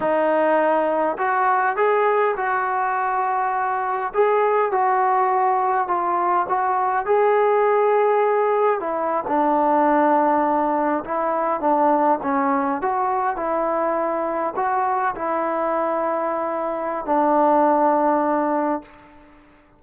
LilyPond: \new Staff \with { instrumentName = "trombone" } { \time 4/4 \tempo 4 = 102 dis'2 fis'4 gis'4 | fis'2. gis'4 | fis'2 f'4 fis'4 | gis'2. e'8. d'16~ |
d'2~ d'8. e'4 d'16~ | d'8. cis'4 fis'4 e'4~ e'16~ | e'8. fis'4 e'2~ e'16~ | e'4 d'2. | }